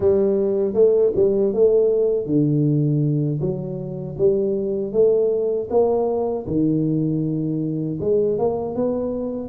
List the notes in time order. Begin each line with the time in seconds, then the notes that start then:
0.00 G3
0.74 A3
1.15 G3
1.53 A3
2.26 D3
3.40 F#3
4.18 G3
4.92 A3
5.70 A#3
6.46 D#3
8.00 G#3
8.38 A#3
8.75 B3